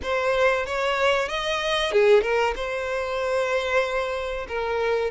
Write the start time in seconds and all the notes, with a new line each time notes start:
0.03 C5
0.66 C#5
1.28 D#5
1.91 G#4
2.22 A#4
2.55 C5
4.47 A#4